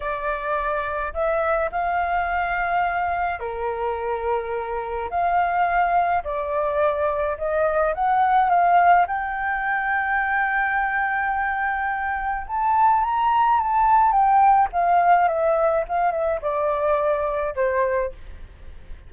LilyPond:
\new Staff \with { instrumentName = "flute" } { \time 4/4 \tempo 4 = 106 d''2 e''4 f''4~ | f''2 ais'2~ | ais'4 f''2 d''4~ | d''4 dis''4 fis''4 f''4 |
g''1~ | g''2 a''4 ais''4 | a''4 g''4 f''4 e''4 | f''8 e''8 d''2 c''4 | }